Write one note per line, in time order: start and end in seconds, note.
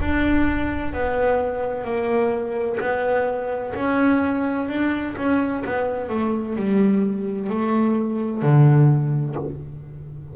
0.00 0.92 D4
0.92 1.84 B3
1.84 2.78 A#3
2.80 3.74 B3
3.75 4.69 C#4
4.69 5.16 D4
5.17 5.64 C#4
5.65 6.09 B3
6.09 6.56 A3
6.56 7.50 G3
7.50 8.42 A3
8.42 9.35 D3